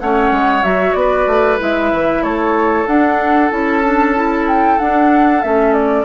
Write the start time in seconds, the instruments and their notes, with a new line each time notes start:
0.00 bassoon A3, clarinet C#4, oboe C#5, flute F#5
0.31 bassoon G#3
0.63 bassoon F#3, clarinet F#4, flute E5
0.93 bassoon B3, oboe B4, flute D5
1.27 bassoon A3
1.58 bassoon G#3, clarinet E4, flute E5
1.92 bassoon E3
2.21 bassoon A3, oboe A4, flute C#5
2.87 clarinet D4, bassoon D4, flute F#5
3.50 bassoon C#4, clarinet E4, flute A5
3.83 clarinet D4
4.15 clarinet E4
4.47 flute G5
4.78 clarinet D4, bassoon D4, flute F#5
5.42 bassoon A3, clarinet C#4, flute E5
5.74 flute D5